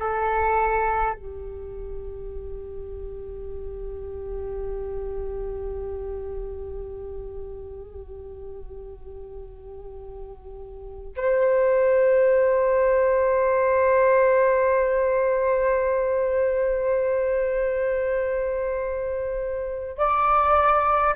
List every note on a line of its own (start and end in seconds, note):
0.00 1.14 A4
1.14 11.14 G4
11.17 19.98 C5
19.98 21.16 D5